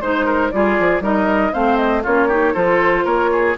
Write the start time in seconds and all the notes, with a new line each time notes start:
0.00 G#3 D#4 C5
0.25 A#4
0.50 G3 F4 G#4 D5
0.79 F3
1.00 G3 D#4 A#4 D#5
1.52 A3 C4 C5 F5
1.76 D#5
2.02 A#3 C#4 F4 C#5
2.27 D#4 G4
2.53 F3 F4 A4 C5
3.04 A#3 A#4 C#5
3.32 G#4